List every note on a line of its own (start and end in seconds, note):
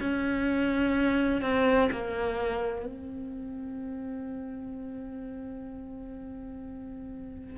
0.00 1.42 C#4
1.42 1.89 C4
1.91 2.85 A#3
2.85 7.58 C4